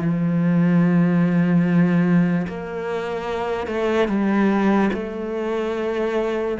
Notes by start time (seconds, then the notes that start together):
0.00 F3
2.47 A#3
3.67 A3
4.08 G3
4.93 A3